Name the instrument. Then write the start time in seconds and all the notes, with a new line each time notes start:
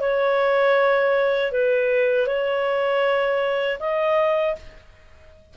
clarinet
0.00 C#5
1.52 B4
2.27 C#5
3.80 D#5